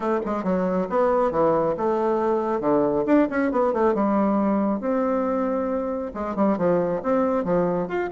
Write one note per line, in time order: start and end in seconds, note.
0.00 0.19 A3
0.25 0.43 G#3
0.43 0.87 F#3
0.89 1.31 B3
1.31 1.75 E3
1.77 2.60 A3
2.60 3.04 D3
3.06 3.27 D4
3.30 3.51 C#4
3.51 3.73 B3
3.73 3.94 A3
3.94 4.80 G3
4.80 6.12 C4
6.14 6.35 G#3
6.35 6.57 G3
6.57 7.01 F3
7.02 7.44 C4
7.44 7.88 F3
7.88 8.09 F4